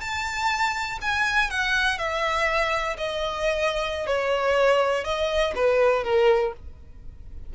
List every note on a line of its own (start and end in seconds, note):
0.00 0.98 A5
1.01 1.50 G#5
1.50 1.98 F#5
1.98 2.96 E5
2.97 4.06 D#5
4.06 5.04 C#5
5.04 5.53 D#5
5.55 6.04 B4
6.04 6.53 A#4